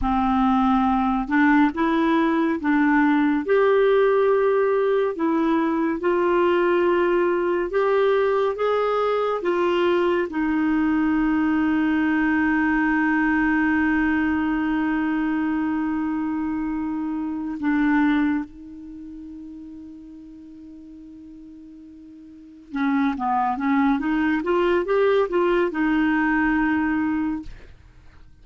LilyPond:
\new Staff \with { instrumentName = "clarinet" } { \time 4/4 \tempo 4 = 70 c'4. d'8 e'4 d'4 | g'2 e'4 f'4~ | f'4 g'4 gis'4 f'4 | dis'1~ |
dis'1~ | dis'8 d'4 dis'2~ dis'8~ | dis'2~ dis'8 cis'8 b8 cis'8 | dis'8 f'8 g'8 f'8 dis'2 | }